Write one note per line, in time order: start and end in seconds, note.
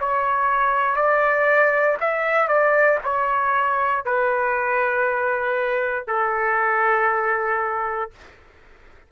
0.00 0.96 C#5
0.96 1.98 D5
2.01 2.48 E5
2.48 2.99 D5
3.04 4.05 C#5
4.05 6.07 B4
6.07 8.11 A4